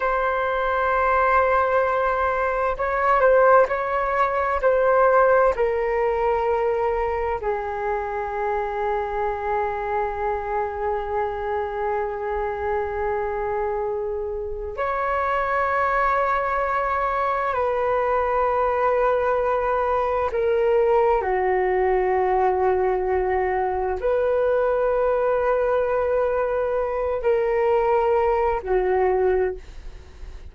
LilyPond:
\new Staff \with { instrumentName = "flute" } { \time 4/4 \tempo 4 = 65 c''2. cis''8 c''8 | cis''4 c''4 ais'2 | gis'1~ | gis'1 |
cis''2. b'4~ | b'2 ais'4 fis'4~ | fis'2 b'2~ | b'4. ais'4. fis'4 | }